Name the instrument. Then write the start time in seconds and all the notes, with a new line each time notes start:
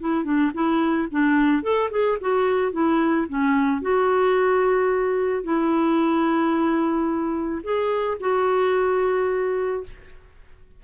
clarinet
0.00 E4
0.24 D4
0.54 E4
1.11 D4
1.63 A4
1.90 G#4
2.20 F#4
2.72 E4
3.29 C#4
3.81 F#4
5.43 E4
7.63 G#4
8.19 F#4